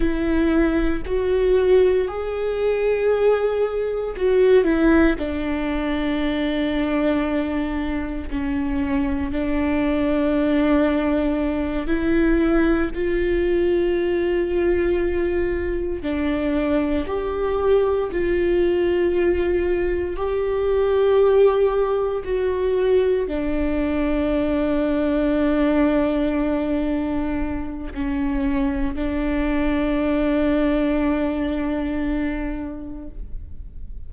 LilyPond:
\new Staff \with { instrumentName = "viola" } { \time 4/4 \tempo 4 = 58 e'4 fis'4 gis'2 | fis'8 e'8 d'2. | cis'4 d'2~ d'8 e'8~ | e'8 f'2. d'8~ |
d'8 g'4 f'2 g'8~ | g'4. fis'4 d'4.~ | d'2. cis'4 | d'1 | }